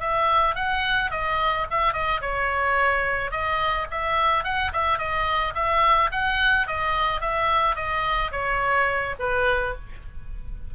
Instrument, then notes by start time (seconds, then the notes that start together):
oboe
0.00 E5
0.55 F#5
1.11 D#5
1.70 E5
1.93 D#5
2.21 C#5
3.31 D#5
3.91 E5
4.44 F#5
4.73 E5
4.98 D#5
5.55 E5
6.11 F#5
6.67 D#5
7.20 E5
7.76 D#5
8.32 C#5
9.19 B4